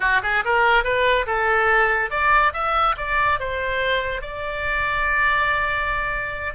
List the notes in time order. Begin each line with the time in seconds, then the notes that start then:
0.00 F#4
0.22 G#4
0.44 A#4
0.84 B4
1.26 A4
2.10 D5
2.53 E5
2.97 D5
3.39 C5
4.21 D5